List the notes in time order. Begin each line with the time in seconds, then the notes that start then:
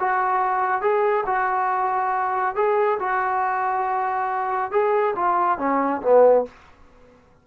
0.00 F#4
0.81 G#4
1.27 F#4
2.56 G#4
3.00 F#4
4.72 G#4
5.16 F4
5.59 C#4
6.02 B3